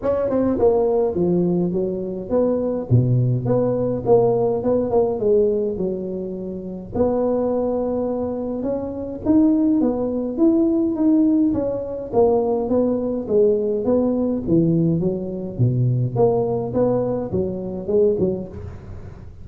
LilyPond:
\new Staff \with { instrumentName = "tuba" } { \time 4/4 \tempo 4 = 104 cis'8 c'8 ais4 f4 fis4 | b4 b,4 b4 ais4 | b8 ais8 gis4 fis2 | b2. cis'4 |
dis'4 b4 e'4 dis'4 | cis'4 ais4 b4 gis4 | b4 e4 fis4 b,4 | ais4 b4 fis4 gis8 fis8 | }